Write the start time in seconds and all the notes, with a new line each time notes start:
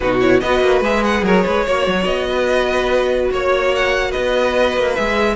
0.00 B2 D#4 F#4 B4
0.20 E4 C#5
0.39 B3 F#4 B4 D#5
0.60 A#3
0.80 G#3 G#4 E5
1.04 F#5
1.22 F#3 A#4 C#5
1.45 G#3 B4
1.65 A#3 F#4 C#5
1.86 F#3
2.03 B3 D#5
2.29 B4
3.30 A#3 C#5
3.75 F#5
4.10 B4 D#5
4.17 B3
4.77 A#3
4.95 G#3 G#4 E5